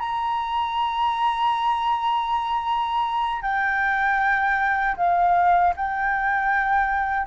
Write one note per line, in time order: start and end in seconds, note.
0.00 3.42 A#5
3.42 4.96 G5
4.97 5.74 F5
5.77 7.27 G5